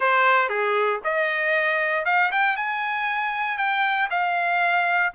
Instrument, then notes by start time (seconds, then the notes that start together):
trumpet
0.00 C5
0.49 G#4
1.03 D#5
2.05 F5
2.31 G5
2.56 G#5
3.57 G5
4.10 F5